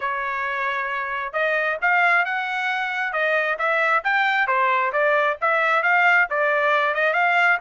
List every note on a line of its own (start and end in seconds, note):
0.00 1.32 C#5
1.32 1.77 D#5
1.81 2.25 F5
2.25 3.12 F#5
3.12 3.57 D#5
3.58 4.03 E5
4.04 4.47 G5
4.47 4.92 C5
4.92 5.37 D5
5.41 5.82 E5
5.82 6.27 F5
6.30 6.94 D5
6.94 7.13 D#5
7.13 7.58 F5